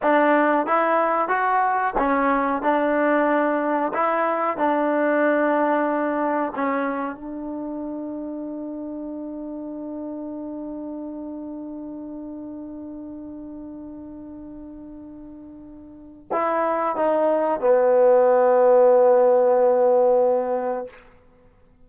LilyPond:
\new Staff \with { instrumentName = "trombone" } { \time 4/4 \tempo 4 = 92 d'4 e'4 fis'4 cis'4 | d'2 e'4 d'4~ | d'2 cis'4 d'4~ | d'1~ |
d'1~ | d'1~ | d'4 e'4 dis'4 b4~ | b1 | }